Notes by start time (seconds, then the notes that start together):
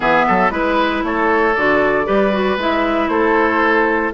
0.00 E3 B3 G#4 E5
0.27 F#3 A4
0.50 G#3 E4 B4
1.03 A3 A4 C#5
1.54 D3 F#4 D5
2.04 G3 G4 B4
2.31 F#4
2.57 G#3 E4 E5
3.08 A3 A4 C5